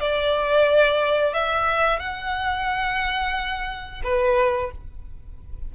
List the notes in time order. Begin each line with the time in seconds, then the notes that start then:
0.00 D5
1.33 E5
1.99 F#5
4.03 B4